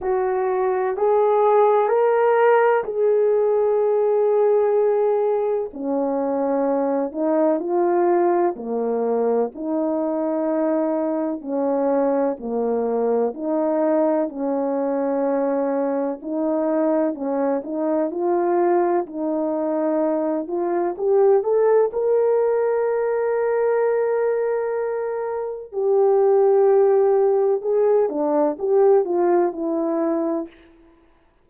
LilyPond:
\new Staff \with { instrumentName = "horn" } { \time 4/4 \tempo 4 = 63 fis'4 gis'4 ais'4 gis'4~ | gis'2 cis'4. dis'8 | f'4 ais4 dis'2 | cis'4 ais4 dis'4 cis'4~ |
cis'4 dis'4 cis'8 dis'8 f'4 | dis'4. f'8 g'8 a'8 ais'4~ | ais'2. g'4~ | g'4 gis'8 d'8 g'8 f'8 e'4 | }